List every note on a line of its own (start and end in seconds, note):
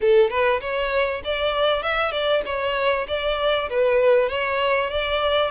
0.01 0.29 A4
0.29 0.60 B4
0.60 1.22 C#5
1.24 1.82 D5
1.82 2.11 E5
2.11 2.42 D5
2.45 3.06 C#5
3.08 3.69 D5
3.69 4.29 B4
4.29 4.90 C#5
4.90 5.50 D5